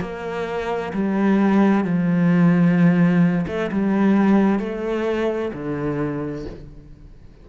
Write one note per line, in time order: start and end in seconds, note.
0.00 0.92 A#3
0.93 1.85 G3
1.85 3.46 F3
3.47 3.70 A3
3.72 4.59 G3
4.59 5.51 A3
5.53 6.46 D3